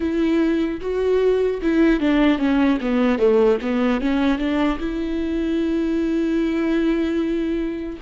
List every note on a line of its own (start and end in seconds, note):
0.00 0.80 E4
0.80 1.60 F#4
1.61 2.00 E4
2.00 2.38 D4
2.38 2.78 C#4
2.80 3.18 B3
3.18 3.58 A3
3.61 4.00 B3
4.00 4.38 C#4
4.38 4.78 D4
4.79 7.99 E4